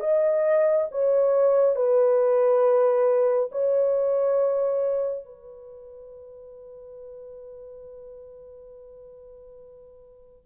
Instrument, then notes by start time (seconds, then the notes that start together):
horn
0.00 D#5
0.91 C#5
1.76 B4
3.52 C#5
5.25 B4